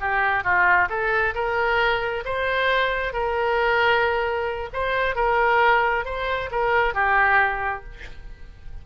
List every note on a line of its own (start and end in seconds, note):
0.00 0.44 G4
0.44 0.88 F4
0.89 1.34 A4
1.34 2.24 A#4
2.25 3.13 C5
3.13 4.70 A#4
4.73 5.15 C5
5.15 6.05 A#4
6.05 6.50 C5
6.51 6.94 A#4
6.94 7.84 G4